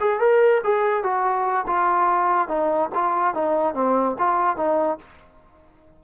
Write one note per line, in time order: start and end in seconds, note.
0.00 0.20 G#4
0.20 0.61 A#4
0.63 1.03 G#4
1.03 1.66 F#4
1.67 2.48 F4
2.48 2.90 D#4
2.95 3.34 F4
3.34 3.74 D#4
3.74 4.16 C4
4.19 4.56 F4
4.56 4.98 D#4